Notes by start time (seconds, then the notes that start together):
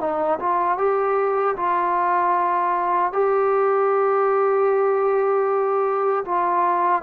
0.00 D#4
0.40 F4
0.78 G4
1.57 F4
3.13 G4
6.25 F4